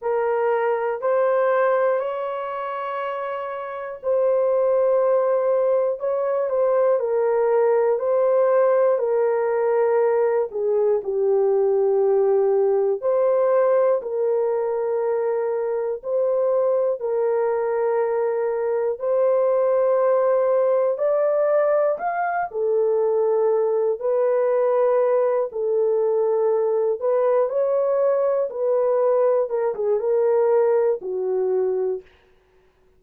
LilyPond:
\new Staff \with { instrumentName = "horn" } { \time 4/4 \tempo 4 = 60 ais'4 c''4 cis''2 | c''2 cis''8 c''8 ais'4 | c''4 ais'4. gis'8 g'4~ | g'4 c''4 ais'2 |
c''4 ais'2 c''4~ | c''4 d''4 f''8 a'4. | b'4. a'4. b'8 cis''8~ | cis''8 b'4 ais'16 gis'16 ais'4 fis'4 | }